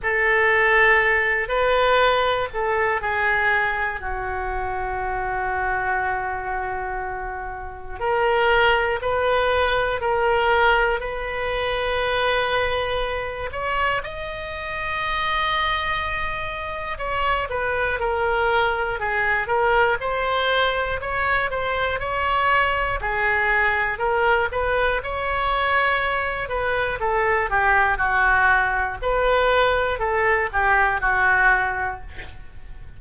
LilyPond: \new Staff \with { instrumentName = "oboe" } { \time 4/4 \tempo 4 = 60 a'4. b'4 a'8 gis'4 | fis'1 | ais'4 b'4 ais'4 b'4~ | b'4. cis''8 dis''2~ |
dis''4 cis''8 b'8 ais'4 gis'8 ais'8 | c''4 cis''8 c''8 cis''4 gis'4 | ais'8 b'8 cis''4. b'8 a'8 g'8 | fis'4 b'4 a'8 g'8 fis'4 | }